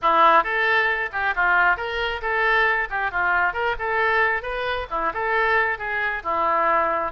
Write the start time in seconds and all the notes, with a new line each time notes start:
0.01 E4
0.43 A4
1.12 G4
1.35 F4
1.76 A#4
2.21 A4
2.90 G4
3.11 F4
3.53 A#4
3.78 A4
4.42 B4
4.90 E4
5.13 A4
5.78 G#4
6.23 E4